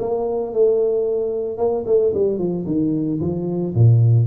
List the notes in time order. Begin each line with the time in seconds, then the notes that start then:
0.00 A#3
0.54 A3
1.58 A#3
1.87 A3
2.14 G3
2.39 F3
2.66 D#3
3.21 F3
3.75 A#2